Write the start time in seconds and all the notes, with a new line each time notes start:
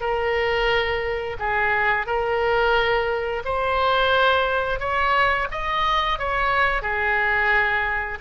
0.00 A#4
1.39 G#4
2.06 A#4
3.44 C5
4.79 C#5
5.51 D#5
6.18 C#5
6.82 G#4